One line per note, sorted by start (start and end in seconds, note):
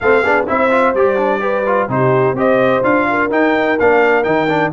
0.00 0.22 A3
0.00 0.24 C4
0.00 0.22 A4
0.00 0.46 F5
0.22 0.46 B3
0.22 0.47 D4
0.22 0.45 G#4
0.47 0.94 C4
0.47 0.70 E4
0.47 1.41 C5
0.47 0.94 E5
0.70 0.94 F4
0.94 1.88 G3
0.94 1.16 G4
0.94 1.89 D5
1.16 1.40 D4
1.40 1.64 G4
1.40 1.88 B4
1.66 1.89 F4
1.88 2.32 C3
1.88 2.35 D#4
1.88 2.35 G4
1.88 2.37 C5
2.32 2.80 C4
2.32 2.83 G4
2.32 3.06 C5
2.39 2.83 D#5
2.83 3.30 D4
2.83 3.30 F4
2.83 3.30 F5
3.09 4.72 A#4
3.30 3.77 D#4
3.30 3.78 D#4
3.30 3.79 G5
3.79 4.26 A#3
3.79 4.23 D4
3.79 4.23 F5
4.23 4.72 D#3
4.23 4.47 D#4
4.23 4.70 G5
4.49 4.72 D4